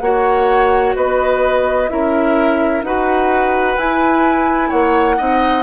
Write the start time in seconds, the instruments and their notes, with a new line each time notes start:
0.00 bassoon A#3, clarinet F#4, oboe C#5, flute F#5
0.96 bassoon B3, oboe B4, flute D#5
1.89 bassoon C#4, clarinet E4, oboe A#4, flute E5
2.83 bassoon D#4, clarinet F#4, oboe B4, flute F#5
3.77 bassoon E4, clarinet E4, flute G#5
4.69 bassoon A#3, oboe C#5, flute F#5
5.18 bassoon C4, clarinet D#4, oboe D#5